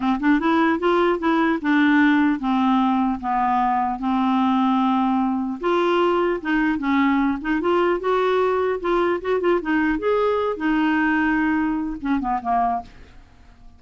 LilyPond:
\new Staff \with { instrumentName = "clarinet" } { \time 4/4 \tempo 4 = 150 c'8 d'8 e'4 f'4 e'4 | d'2 c'2 | b2 c'2~ | c'2 f'2 |
dis'4 cis'4. dis'8 f'4 | fis'2 f'4 fis'8 f'8 | dis'4 gis'4. dis'4.~ | dis'2 cis'8 b8 ais4 | }